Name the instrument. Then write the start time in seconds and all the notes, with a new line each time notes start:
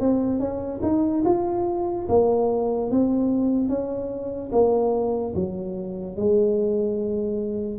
tuba
0.00 C4
0.39 C#4
0.83 D#4
1.25 F4
2.08 A#3
2.91 C4
3.69 C#4
4.52 A#3
5.35 F#3
6.16 G#3